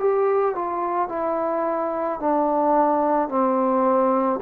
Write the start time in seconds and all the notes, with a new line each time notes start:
0.00 G4
0.56 F4
1.09 E4
2.20 D4
3.29 C4